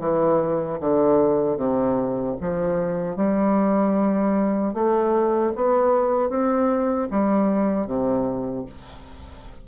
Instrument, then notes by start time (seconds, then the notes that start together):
bassoon
0.00 E3
0.80 D3
1.57 C3
2.41 F3
3.17 G3
4.74 A3
5.56 B3
6.30 C4
7.11 G3
7.87 C3